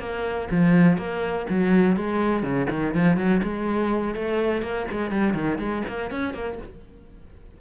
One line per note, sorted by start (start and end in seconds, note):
0.00 0.49 A#3
0.51 0.98 F3
0.98 1.47 A#3
1.50 1.97 F#3
1.97 2.43 G#3
2.43 2.67 C#3
2.70 2.95 D#3
2.95 3.17 F3
3.17 3.42 F#3
3.44 4.16 G#3
4.16 4.63 A3
4.63 4.87 A#3
4.92 5.12 G#3
5.12 5.34 G3
5.34 5.59 D#3
5.59 5.83 G#3
5.88 6.11 A#3
6.11 6.34 C#4
6.34 6.59 A#3